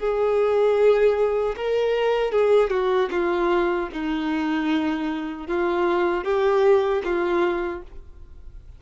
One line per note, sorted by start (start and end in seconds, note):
0.00 1.56 G#4
1.57 2.32 A#4
2.32 2.71 G#4
2.71 3.10 F#4
3.11 3.89 F4
3.93 5.48 D#4
5.48 6.24 F4
6.24 7.02 G4
7.04 7.82 F4